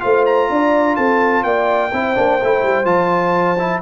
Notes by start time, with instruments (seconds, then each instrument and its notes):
0.00 tuba A3, trombone F4, horn C5, trumpet F5
0.26 trumpet A#5
0.49 tuba D4, horn D5
0.96 tuba C4, horn A4, trumpet A5
1.43 tuba A#3, horn D5, trumpet G5
1.92 tuba C4, trombone E4, horn C5
2.15 tuba A#3, trombone D4
2.42 tuba A3, trombone E4
2.62 tuba G3
2.85 tuba F3, trombone F4, trumpet A5
3.59 trombone E4